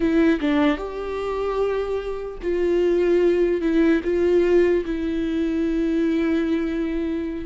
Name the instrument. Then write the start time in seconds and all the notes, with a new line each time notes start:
viola
0.00 E4
0.40 D4
0.77 G4
2.42 F4
3.61 E4
4.04 F4
4.85 E4